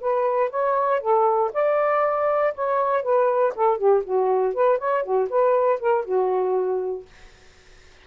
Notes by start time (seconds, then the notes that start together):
0.00 B4
0.50 C#5
1.00 A4
1.53 D5
2.54 C#5
3.03 B4
3.55 A4
3.77 G4
4.04 F#4
4.54 B4
4.78 C#5
5.03 F#4
5.30 B4
5.80 A#4
6.05 F#4